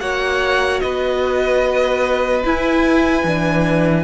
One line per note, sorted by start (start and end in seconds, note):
0.00 0.82 A#3
0.00 2.44 F#4
0.00 0.83 C#5
0.00 0.80 F#5
0.80 2.44 B3
0.80 4.05 B4
0.80 2.43 D#5
2.44 3.25 E4
2.44 3.24 E4
2.44 4.05 G#5
3.24 4.05 E3
3.24 4.05 D4